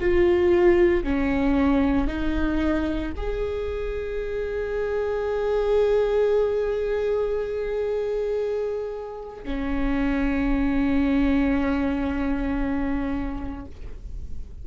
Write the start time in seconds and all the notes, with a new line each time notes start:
0.00 F4
1.03 C#4
2.07 D#4
3.16 G#4
9.44 C#4